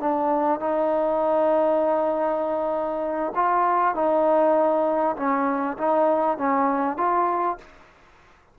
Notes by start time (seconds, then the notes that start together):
0.00 D4
0.60 D#4
3.35 F4
3.94 D#4
5.16 C#4
5.77 D#4
6.37 C#4
6.97 F4